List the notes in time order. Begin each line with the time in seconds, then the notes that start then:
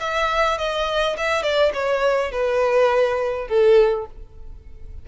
0.00 E5
0.58 D#5
1.17 E5
1.43 D5
1.73 C#5
2.32 B4
3.48 A4